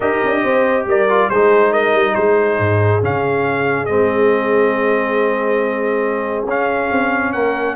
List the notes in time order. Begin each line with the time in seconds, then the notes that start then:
0.00 D#4 G4 A#4 D#5
0.24 D4
0.43 C4 C5
0.85 G3 A#4 D5
1.08 F4
1.29 G#3 D#4 G#4 C5
1.71 A#4 D#5
1.94 G3
2.15 G#3 G#4 C5
2.59 G#2
3.02 C#3 C#4 F5
3.85 G#3 C4 D#5
6.44 C#4 F5
6.91 C4
7.32 A#3 A#4 F#5